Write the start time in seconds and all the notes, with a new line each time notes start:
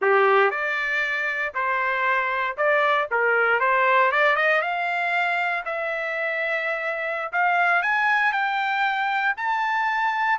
0.01 G4
0.50 D5
1.54 C5
2.57 D5
3.11 A#4
3.60 C5
4.11 D5
4.36 D#5
4.61 F5
5.65 E5
7.32 F5
7.82 G#5
8.32 G5
9.36 A5